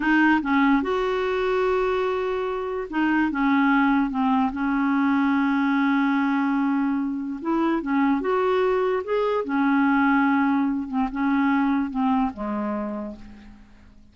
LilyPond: \new Staff \with { instrumentName = "clarinet" } { \time 4/4 \tempo 4 = 146 dis'4 cis'4 fis'2~ | fis'2. dis'4 | cis'2 c'4 cis'4~ | cis'1~ |
cis'2 e'4 cis'4 | fis'2 gis'4 cis'4~ | cis'2~ cis'8 c'8 cis'4~ | cis'4 c'4 gis2 | }